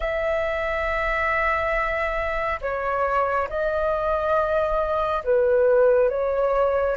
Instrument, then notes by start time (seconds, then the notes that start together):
flute
0.00 E5
2.61 C#5
3.49 D#5
5.24 B4
6.09 C#5